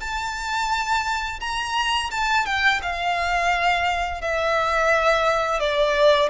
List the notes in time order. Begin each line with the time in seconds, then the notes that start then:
0.00 A5
1.40 A#5
2.11 A5
2.45 G5
2.82 F5
4.21 E5
5.59 D5